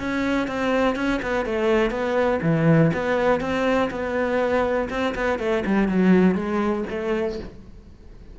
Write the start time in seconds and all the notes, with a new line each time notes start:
0.00 C#4
0.48 C4
0.96 C#4
1.23 B3
1.46 A3
1.91 B3
2.43 E3
2.94 B3
3.41 C4
3.91 B3
4.90 C4
5.15 B3
5.40 A3
5.66 G3
5.89 F#3
6.36 G#3
6.90 A3